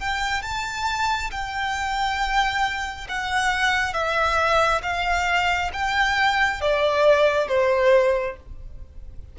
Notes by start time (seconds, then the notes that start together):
0.00 G5
0.43 A5
1.31 G5
3.09 F#5
3.93 E5
4.83 F5
5.73 G5
6.61 D5
7.48 C5